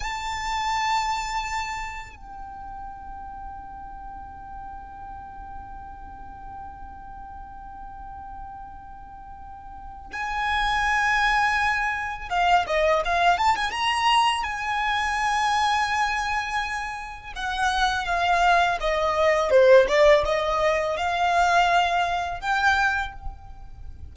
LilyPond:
\new Staff \with { instrumentName = "violin" } { \time 4/4 \tempo 4 = 83 a''2. g''4~ | g''1~ | g''1~ | g''2 gis''2~ |
gis''4 f''8 dis''8 f''8 a''16 gis''16 ais''4 | gis''1 | fis''4 f''4 dis''4 c''8 d''8 | dis''4 f''2 g''4 | }